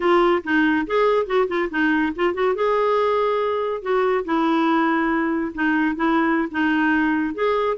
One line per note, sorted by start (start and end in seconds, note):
0.00 0.43 F4
0.44 0.86 D#4
0.86 1.26 G#4
1.26 1.47 F#4
1.48 1.69 F4
1.70 2.12 D#4
2.15 2.34 F4
2.34 2.55 F#4
2.55 3.81 G#4
3.81 4.24 F#4
4.24 5.52 E4
5.54 5.95 D#4
5.95 6.48 E4
6.51 7.34 D#4
7.34 7.77 G#4